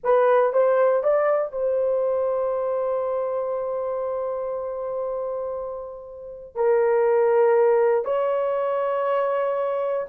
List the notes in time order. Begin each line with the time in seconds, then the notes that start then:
0.03 B4
0.52 C5
1.03 D5
1.51 C5
6.55 A#4
8.04 C#5